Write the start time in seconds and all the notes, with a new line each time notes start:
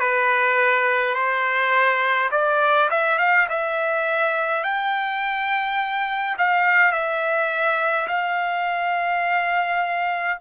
0.00 B4
1.14 C5
2.31 D5
2.90 E5
3.18 F5
3.49 E5
4.63 G5
6.38 F5
6.92 E5
8.07 F5